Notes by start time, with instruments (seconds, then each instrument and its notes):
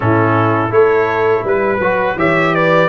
0.00 tuba A2, trombone C#4, horn E4, trumpet A4
0.69 tuba A3, trombone E4, horn A4, trumpet C#5
1.44 tuba G3, horn B4, trumpet B4
1.79 tuba F#3, trombone F#4
2.16 tuba E3, trombone G4, horn C#5, trumpet E5
2.54 horn B4, trumpet D5